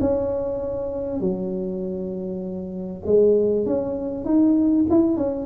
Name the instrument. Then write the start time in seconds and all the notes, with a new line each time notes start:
tuba
0.00 C#4
1.20 F#3
3.05 G#3
3.66 C#4
4.24 D#4
4.90 E4
5.16 C#4